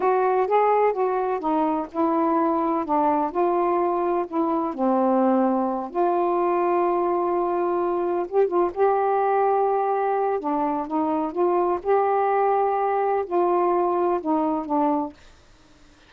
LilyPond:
\new Staff \with { instrumentName = "saxophone" } { \time 4/4 \tempo 4 = 127 fis'4 gis'4 fis'4 dis'4 | e'2 d'4 f'4~ | f'4 e'4 c'2~ | c'8 f'2.~ f'8~ |
f'4. g'8 f'8 g'4.~ | g'2 d'4 dis'4 | f'4 g'2. | f'2 dis'4 d'4 | }